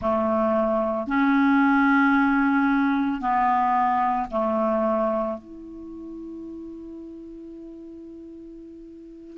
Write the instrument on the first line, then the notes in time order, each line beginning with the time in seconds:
clarinet
0.01 A3
1.07 C#4
3.20 B3
4.31 A3
5.38 E4